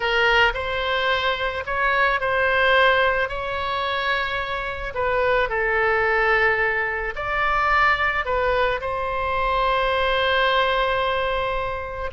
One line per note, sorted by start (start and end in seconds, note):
0.00 0.53 A#4
0.54 1.64 C5
1.66 2.20 C#5
2.20 3.28 C5
3.28 4.93 C#5
4.94 5.49 B4
5.49 7.14 A4
7.15 8.25 D5
8.25 8.80 B4
8.80 12.11 C5